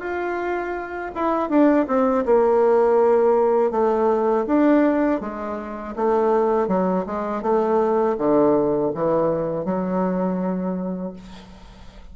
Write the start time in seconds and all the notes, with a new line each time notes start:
0.00 F4
1.15 E4
1.49 D4
1.88 C4
2.26 A#3
3.71 A3
4.47 D4
5.21 G#3
5.96 A3
6.68 F#3
7.06 G#3
7.42 A3
8.18 D3
8.95 E3
9.65 F#3